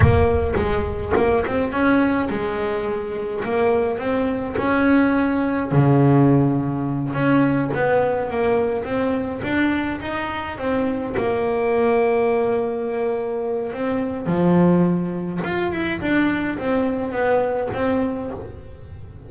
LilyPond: \new Staff \with { instrumentName = "double bass" } { \time 4/4 \tempo 4 = 105 ais4 gis4 ais8 c'8 cis'4 | gis2 ais4 c'4 | cis'2 cis2~ | cis8 cis'4 b4 ais4 c'8~ |
c'8 d'4 dis'4 c'4 ais8~ | ais1 | c'4 f2 f'8 e'8 | d'4 c'4 b4 c'4 | }